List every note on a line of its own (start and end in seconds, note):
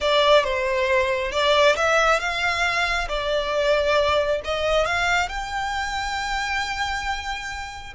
0.00 0.44 D5
0.44 1.31 C5
1.31 1.75 D5
1.75 2.19 E5
2.19 3.08 F5
3.08 4.40 D5
4.44 4.85 D#5
4.85 5.28 F5
5.28 7.93 G5